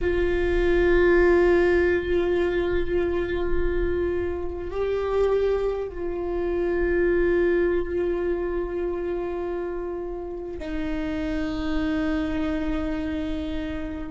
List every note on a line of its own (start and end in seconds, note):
0.01 4.71 F4
4.71 5.88 G4
5.88 10.59 F4
10.59 14.11 D#4